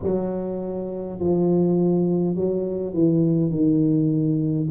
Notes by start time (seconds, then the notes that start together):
0.02 F#3
1.19 F3
2.35 F#3
2.93 E3
3.50 D#3